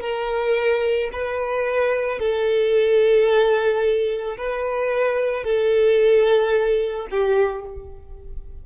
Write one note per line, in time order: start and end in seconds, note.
0.00 1.09 A#4
1.13 2.19 B4
2.19 4.37 A4
4.37 5.43 B4
5.43 7.07 A4
7.10 7.65 G4